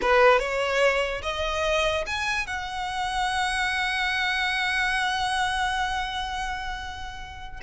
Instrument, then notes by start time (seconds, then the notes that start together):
violin
0.01 B4
0.39 C#5
1.22 D#5
2.06 G#5
2.47 F#5